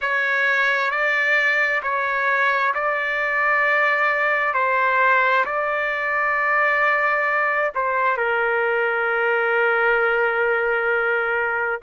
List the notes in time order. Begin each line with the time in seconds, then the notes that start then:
0.01 C#5
0.90 D5
1.82 C#5
2.74 D5
4.53 C5
5.45 D5
7.74 C5
8.17 A#4